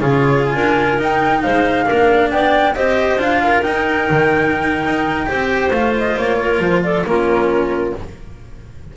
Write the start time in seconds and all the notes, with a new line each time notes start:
0.00 C#3 F4 G#4 C#5
0.45 G#5
0.55 D4 A#4
0.98 D#4 G5
1.42 G#3 C5 F5
1.86 A#3 D4 A#4
2.31 B3 D5 G5
2.75 C4 G4 C5 D#5
3.17 D4 F4 F5
3.43 A#4
3.62 D#4 G5
4.10 D#3
4.85 D#4
5.27 C4 G4 C5
5.71 A3 F4 F5
5.98 D#5
6.17 A#3 C#5
6.39 A#4
6.59 F3 C5
6.83 A4 D5
7.05 A#3 C#4 F4 A#4